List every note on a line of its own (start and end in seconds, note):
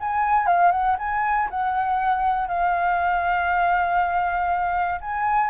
0.00 0.47 G#5
0.47 0.71 F5
0.71 0.96 F#5
0.98 1.49 G#5
1.50 2.48 F#5
2.48 5.00 F5
5.01 5.50 G#5